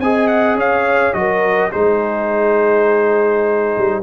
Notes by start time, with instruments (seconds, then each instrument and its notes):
0.00 tuba C4, trombone G#4, horn D#5, trumpet G#5
0.28 trumpet F#5
0.55 tuba C#4, horn C#5, trumpet F5
1.14 tuba F#3, trombone F#4, horn A#4, trumpet D#5
1.71 tuba G#3, trombone D#4, horn G#4, trumpet C5
3.78 tuba G3